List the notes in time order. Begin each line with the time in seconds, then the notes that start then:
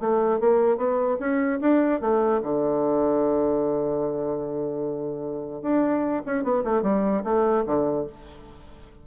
0.00 A3
0.40 A#3
0.77 B3
1.20 C#4
1.61 D4
2.01 A3
2.42 D3
5.62 D4
6.26 C#4
6.44 B3
6.64 A3
6.83 G3
7.24 A3
7.66 D3